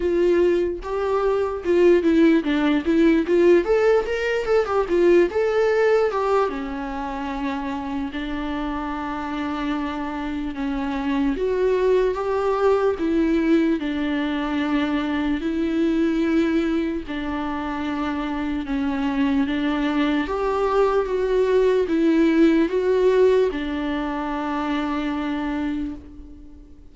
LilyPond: \new Staff \with { instrumentName = "viola" } { \time 4/4 \tempo 4 = 74 f'4 g'4 f'8 e'8 d'8 e'8 | f'8 a'8 ais'8 a'16 g'16 f'8 a'4 g'8 | cis'2 d'2~ | d'4 cis'4 fis'4 g'4 |
e'4 d'2 e'4~ | e'4 d'2 cis'4 | d'4 g'4 fis'4 e'4 | fis'4 d'2. | }